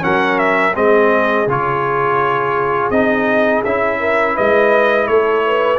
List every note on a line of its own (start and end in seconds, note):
0.00 0.76 F#3
0.00 0.72 C#4
0.00 0.76 A#4
0.00 0.38 F#5
0.38 0.75 E5
0.75 1.47 G#3
0.75 1.47 C4
0.75 4.00 G#4
0.75 1.48 D#5
1.47 2.91 C#3
1.47 2.93 F4
1.47 2.90 C#5
2.90 3.63 C4
2.90 3.65 D#4
2.90 3.63 D#5
3.64 4.38 C#4
3.64 5.79 E4
3.64 4.37 E5
4.00 4.35 A#4
4.35 5.08 G#3
4.35 5.07 B4
4.35 5.07 D#5
5.07 5.79 A3
5.07 5.46 A4
5.07 5.79 C#5
5.47 5.79 B4